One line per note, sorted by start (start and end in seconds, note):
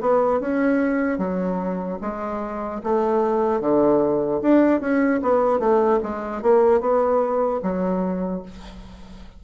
0.00 0.40 B3
0.40 1.18 C#4
1.18 1.98 F#3
2.01 2.81 G#3
2.83 3.60 A3
3.60 4.40 D3
4.41 4.80 D4
4.80 5.20 C#4
5.22 5.59 B3
5.59 5.99 A3
6.03 6.42 G#3
6.42 6.80 A#3
6.80 7.60 B3
7.62 8.42 F#3